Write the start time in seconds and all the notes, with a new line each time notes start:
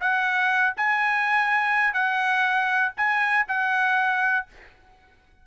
0.00 F#5
0.77 G#5
1.93 F#5
2.97 G#5
3.48 F#5